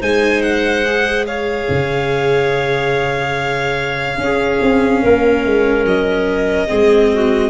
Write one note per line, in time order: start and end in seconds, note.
0.00 1.68 G#3
0.00 0.85 D#4
0.00 1.25 C5
0.00 0.42 G#5
0.42 1.25 F#5
0.85 4.18 G#4
1.27 4.19 C#5
1.27 5.85 F5
1.69 4.18 C#3
4.18 6.67 C#4
4.18 4.59 C#4
4.18 5.02 G#4
4.61 5.03 C4
5.02 5.45 A#3
5.02 6.68 A#4
5.45 5.85 G#3
5.85 6.68 F#3
5.85 7.50 D#5
6.67 7.50 G#3
6.67 7.50 C4
6.67 7.09 G#4
7.14 7.50 F#4